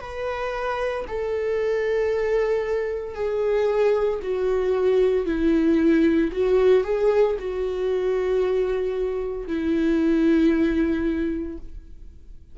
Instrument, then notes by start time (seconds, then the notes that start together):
viola
0.00 B4
1.08 A4
3.15 G#4
4.22 F#4
5.26 E4
6.33 F#4
6.84 G#4
7.39 F#4
9.47 E4